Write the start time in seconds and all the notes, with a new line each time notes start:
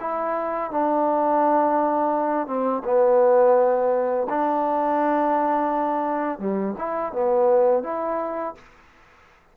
0.00 E4
0.71 D4
2.47 C4
2.84 B3
4.30 D4
6.39 G3
6.78 E4
7.12 B3
7.83 E4